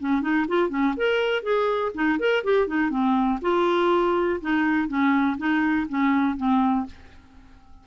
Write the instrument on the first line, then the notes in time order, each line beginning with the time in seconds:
clarinet
0.00 C#4
0.22 D#4
0.48 F4
0.69 C#4
0.97 A#4
1.43 G#4
1.94 D#4
2.19 A#4
2.44 G4
2.67 D#4
2.90 C4
3.42 F4
4.41 D#4
4.88 C#4
5.38 D#4
5.89 C#4
6.37 C4